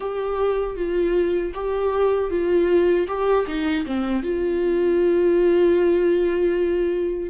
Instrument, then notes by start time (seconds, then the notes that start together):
viola
0.00 G4
0.76 F4
1.54 G4
2.30 F4
3.07 G4
3.47 D#4
3.86 C4
4.22 F4